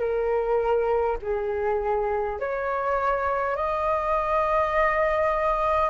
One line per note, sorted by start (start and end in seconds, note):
0.00 1.18 A#4
1.22 2.40 G#4
2.40 3.57 C#5
3.57 5.90 D#5